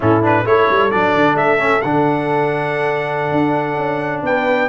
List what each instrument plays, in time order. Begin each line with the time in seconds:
0.00 tuba A2, trombone C#4, horn E4, trumpet A4
0.21 trombone D4, trumpet B4
0.45 tuba A3, trombone E4, horn A4, trumpet C#5
0.69 tuba G3
0.90 tuba F#3, trombone D4, trumpet D5
1.14 tuba D3
1.34 tuba A3, trumpet E5
1.58 trombone C#4
1.81 tuba D3, trombone D4, trumpet F#5
3.31 tuba D4
3.76 tuba C#4
4.22 tuba B3, horn B4, trumpet G5